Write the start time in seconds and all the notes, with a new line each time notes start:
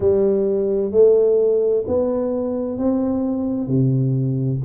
0.00 G3
0.91 A3
1.87 B3
2.78 C4
3.67 C3